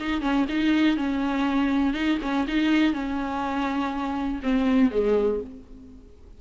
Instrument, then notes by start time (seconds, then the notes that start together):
viola
0.00 D#4
0.21 C#4
0.49 D#4
0.97 C#4
1.93 D#4
2.22 C#4
2.48 D#4
2.93 C#4
4.43 C4
4.91 G#3